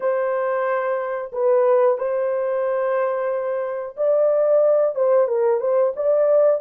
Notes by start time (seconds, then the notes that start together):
0.00 C5
1.32 B4
1.98 C5
3.97 D5
4.95 C5
5.27 A#4
5.60 C5
5.96 D5